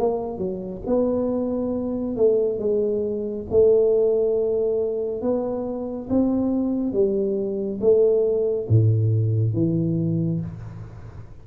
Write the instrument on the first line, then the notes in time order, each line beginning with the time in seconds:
tuba
0.00 A#3
0.39 F#3
0.87 B3
2.17 A3
2.59 G#3
3.51 A3
5.22 B3
6.10 C4
6.93 G3
7.81 A3
8.69 A2
9.54 E3